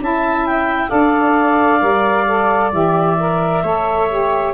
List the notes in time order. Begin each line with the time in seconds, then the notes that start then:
0.00 C#4 E4 E5 A5
0.47 G5
0.89 D4 A4 D5 F5
1.80 G3 A#4
2.28 A4
2.72 E3 G4 E5
3.20 A#4
3.64 A3 A4 C#5
4.10 G4